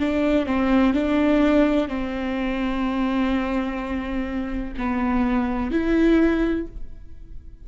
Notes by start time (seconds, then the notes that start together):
0.00 D4
0.46 C4
0.94 D4
1.88 C4
4.78 B3
5.71 E4